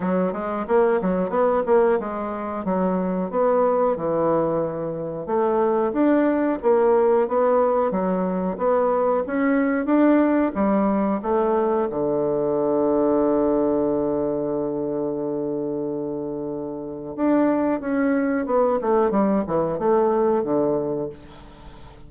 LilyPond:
\new Staff \with { instrumentName = "bassoon" } { \time 4/4 \tempo 4 = 91 fis8 gis8 ais8 fis8 b8 ais8 gis4 | fis4 b4 e2 | a4 d'4 ais4 b4 | fis4 b4 cis'4 d'4 |
g4 a4 d2~ | d1~ | d2 d'4 cis'4 | b8 a8 g8 e8 a4 d4 | }